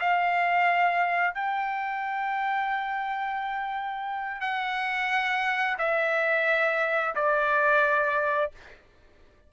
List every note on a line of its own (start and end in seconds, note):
0.00 1.35 F5
1.35 4.41 G5
4.41 5.77 F#5
5.78 7.15 E5
7.15 8.52 D5